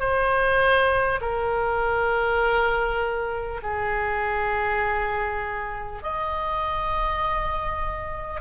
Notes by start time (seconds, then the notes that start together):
0.00 C5
1.22 A#4
3.63 G#4
6.03 D#5